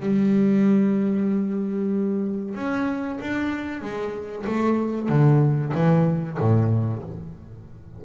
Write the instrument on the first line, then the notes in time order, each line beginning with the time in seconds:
double bass
0.00 G3
2.55 C#4
3.21 D4
3.82 G#3
4.46 A3
5.09 D3
5.74 E3
6.39 A2